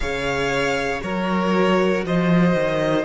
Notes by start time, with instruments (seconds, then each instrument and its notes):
0.00 cello C#3, viola G#4, violin C#5 F5
1.00 cello F#3, viola F#4, violin A#4 C#5
2.04 cello F3, violin C5 D#5
2.54 cello D#3